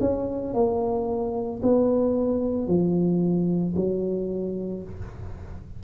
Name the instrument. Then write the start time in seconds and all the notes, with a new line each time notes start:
tuba
0.00 C#4
0.54 A#3
1.63 B3
2.67 F3
3.76 F#3